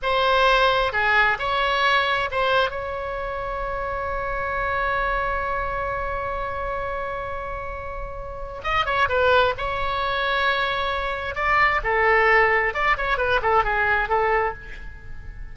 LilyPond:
\new Staff \with { instrumentName = "oboe" } { \time 4/4 \tempo 4 = 132 c''2 gis'4 cis''4~ | cis''4 c''4 cis''2~ | cis''1~ | cis''1~ |
cis''2. dis''8 cis''8 | b'4 cis''2.~ | cis''4 d''4 a'2 | d''8 cis''8 b'8 a'8 gis'4 a'4 | }